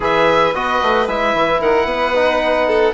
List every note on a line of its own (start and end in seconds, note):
0.00 0.54 E3
0.00 0.53 G#4
0.00 1.59 B4
0.00 0.54 E5
0.54 0.81 B3
0.54 1.08 F#4
0.54 1.08 D#5
0.82 1.07 A3
1.07 1.34 G#3
1.07 2.14 E4
1.07 1.61 E5
1.34 1.60 E3
1.59 1.85 D#3
1.59 1.85 A#4
1.59 2.93 F#5
1.85 2.92 B3
1.85 2.66 B4
2.14 2.93 D#4
2.67 2.93 A4